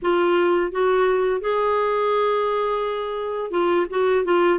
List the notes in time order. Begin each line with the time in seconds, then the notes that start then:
0.02 F4
0.71 F#4
1.41 G#4
3.51 F4
3.90 F#4
4.24 F4